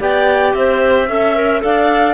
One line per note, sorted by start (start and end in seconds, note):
0.00 0.54 B3
0.00 1.08 G4
0.00 0.55 D5
0.00 0.54 G5
0.54 1.09 C4
0.54 1.08 C5
0.54 1.62 E5
1.08 1.63 C#4
1.08 1.35 A4
1.08 1.62 E5
1.35 1.61 A#4
1.61 2.14 D4
1.61 2.14 A4
1.61 2.14 D5
1.61 2.14 F5